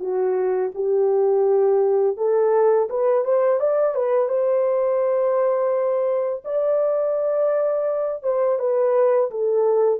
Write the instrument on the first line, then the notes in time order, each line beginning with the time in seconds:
horn
0.00 F#4
0.75 G4
2.17 A4
2.90 B4
3.25 C5
3.60 D5
3.95 B4
4.29 C5
6.45 D5
8.23 C5
8.59 B4
9.31 A4